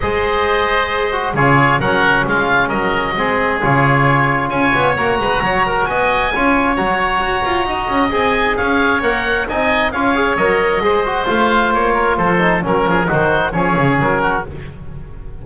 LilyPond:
<<
  \new Staff \with { instrumentName = "oboe" } { \time 4/4 \tempo 4 = 133 dis''2. cis''4 | fis''4 f''4 dis''2 | cis''2 gis''4 ais''4~ | ais''4 gis''2 ais''4~ |
ais''2 gis''4 f''4 | fis''4 gis''4 f''4 dis''4~ | dis''4 f''4 cis''4 c''4 | ais'4 c''4 cis''4 ais'4 | }
  \new Staff \with { instrumentName = "oboe" } { \time 4/4 c''2. gis'4 | ais'4 f'4 ais'4 gis'4~ | gis'2 cis''4. b'8 | cis''8 ais'8 dis''4 cis''2~ |
cis''4 dis''2 cis''4~ | cis''4 dis''4 cis''2 | c''2~ c''8 ais'8 a'4 | ais'8 gis'8 fis'4 gis'4. fis'8 | }
  \new Staff \with { instrumentName = "trombone" } { \time 4/4 gis'2~ gis'8 fis'8 f'4 | cis'2. c'4 | f'2. fis'4~ | fis'2 f'4 fis'4~ |
fis'2 gis'2 | ais'4 dis'4 f'8 gis'8 ais'4 | gis'8 fis'8 f'2~ f'8 dis'8 | cis'4 dis'4 cis'2 | }
  \new Staff \with { instrumentName = "double bass" } { \time 4/4 gis2. cis4 | fis4 gis4 fis4 gis4 | cis2 cis'8 b8 ais8 gis8 | fis4 b4 cis'4 fis4 |
fis'8 f'8 dis'8 cis'8 c'4 cis'4 | ais4 c'4 cis'4 fis4 | gis4 a4 ais4 f4 | fis8 f8 dis4 f8 cis8 fis4 | }
>>